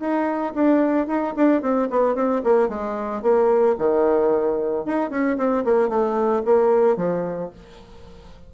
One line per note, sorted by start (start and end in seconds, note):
0.00 0.54 D#4
0.55 1.07 D4
1.07 1.34 D#4
1.37 1.62 D4
1.62 1.89 C4
1.91 2.16 B3
2.16 2.42 C4
2.44 2.69 A#3
2.69 3.22 G#3
3.22 3.76 A#3
3.78 4.86 D#3
4.86 5.10 D#4
5.10 5.37 C#4
5.38 5.64 C4
5.65 5.89 A#3
5.89 6.43 A3
6.45 6.97 A#3
6.97 7.50 F3